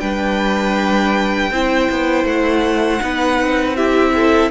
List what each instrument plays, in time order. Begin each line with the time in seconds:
0.00 cello G3, viola D4, violin B4 G5
1.51 cello C4, viola E4, violin C5
1.91 cello B3
2.25 cello A3, violin F#5
3.00 cello B3, viola D#4, violin B4
3.40 cello C4
3.76 viola E4, violin G4 E5
4.15 violin A4